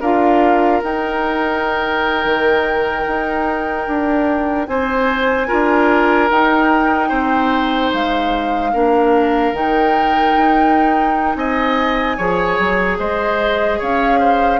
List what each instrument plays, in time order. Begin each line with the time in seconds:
0.00 bassoon D4, clarinet F4, oboe A#4, flute F5
0.82 clarinet D#4, bassoon D#4, flute G5
2.24 bassoon D#3
3.07 bassoon D#4
3.87 bassoon D4
4.67 bassoon C4, oboe C5, flute G#5
5.47 bassoon D4, clarinet F4, oboe A#4
6.30 bassoon D#4, clarinet D#4, flute G5
7.09 bassoon C4, oboe C5
7.93 bassoon G#3, flute F5
8.73 bassoon A#3, clarinet D4, oboe A#4
9.53 bassoon D#3, clarinet D#4, flute G5
10.37 bassoon D#4
11.35 bassoon C4, oboe D#5, flute G#5
12.17 bassoon F3, clarinet G#4, oboe C#5
12.59 bassoon F#3
12.99 bassoon G#3, oboe C5, flute D#5
13.79 bassoon C#4, oboe C#5, flute F5
14.19 oboe C5